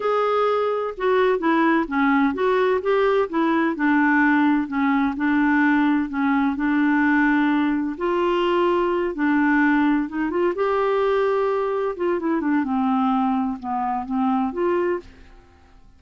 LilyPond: \new Staff \with { instrumentName = "clarinet" } { \time 4/4 \tempo 4 = 128 gis'2 fis'4 e'4 | cis'4 fis'4 g'4 e'4 | d'2 cis'4 d'4~ | d'4 cis'4 d'2~ |
d'4 f'2~ f'8 d'8~ | d'4. dis'8 f'8 g'4.~ | g'4. f'8 e'8 d'8 c'4~ | c'4 b4 c'4 f'4 | }